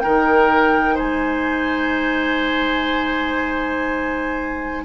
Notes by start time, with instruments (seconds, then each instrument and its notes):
0.00 bassoon D#3, clarinet D#4, oboe A#4, flute G5
0.95 bassoon G#3, oboe C5, flute G#5